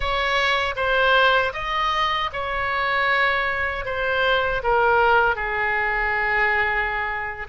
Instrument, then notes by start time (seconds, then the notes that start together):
oboe
0.00 C#5
0.76 C5
1.53 D#5
2.32 C#5
3.85 C5
4.63 A#4
5.35 G#4